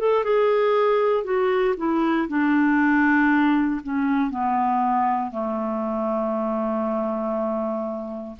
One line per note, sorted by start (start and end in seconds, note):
0.00 0.24 A4
0.24 1.24 G#4
1.24 1.75 F#4
1.78 2.29 E4
2.29 3.81 D4
3.84 4.31 C#4
4.31 5.32 B3
5.32 8.37 A3